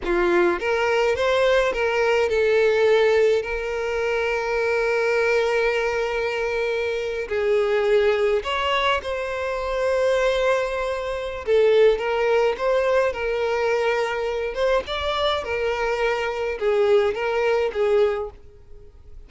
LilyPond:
\new Staff \with { instrumentName = "violin" } { \time 4/4 \tempo 4 = 105 f'4 ais'4 c''4 ais'4 | a'2 ais'2~ | ais'1~ | ais'8. gis'2 cis''4 c''16~ |
c''1 | a'4 ais'4 c''4 ais'4~ | ais'4. c''8 d''4 ais'4~ | ais'4 gis'4 ais'4 gis'4 | }